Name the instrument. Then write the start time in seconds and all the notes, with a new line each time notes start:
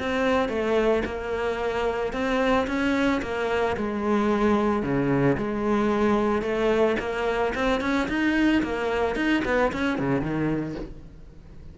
cello
0.00 C4
0.49 A3
1.06 A#3
2.13 C4
2.67 C#4
3.22 A#3
3.77 G#3
4.83 C#3
5.38 G#3
6.42 A3
7.00 A#3
7.55 C4
7.81 C#4
8.09 D#4
8.63 A#3
9.16 D#4
9.45 B3
9.73 C#4
9.99 C#3
10.21 D#3